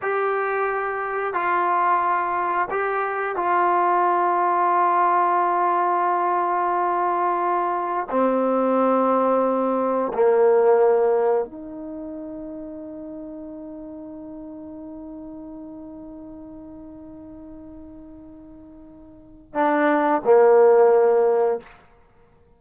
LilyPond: \new Staff \with { instrumentName = "trombone" } { \time 4/4 \tempo 4 = 89 g'2 f'2 | g'4 f'2.~ | f'1 | c'2. ais4~ |
ais4 dis'2.~ | dis'1~ | dis'1~ | dis'4 d'4 ais2 | }